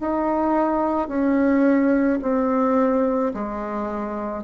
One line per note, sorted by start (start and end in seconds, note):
0.00 1.09 D#4
1.09 2.20 C#4
2.22 3.33 C4
3.34 4.44 G#3